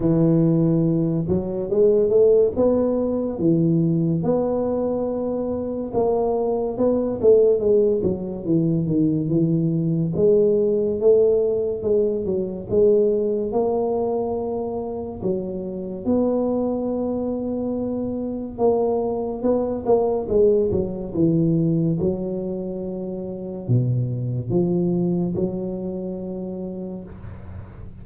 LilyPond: \new Staff \with { instrumentName = "tuba" } { \time 4/4 \tempo 4 = 71 e4. fis8 gis8 a8 b4 | e4 b2 ais4 | b8 a8 gis8 fis8 e8 dis8 e4 | gis4 a4 gis8 fis8 gis4 |
ais2 fis4 b4~ | b2 ais4 b8 ais8 | gis8 fis8 e4 fis2 | b,4 f4 fis2 | }